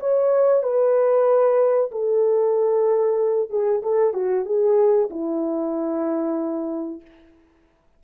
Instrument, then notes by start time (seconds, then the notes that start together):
horn
0.00 C#5
0.63 B4
1.92 A4
3.50 G#4
3.83 A4
4.14 F#4
4.46 G#4
5.10 E4